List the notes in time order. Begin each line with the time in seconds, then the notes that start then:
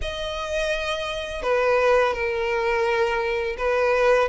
0.01 D#5
1.42 B4
2.13 A#4
3.57 B4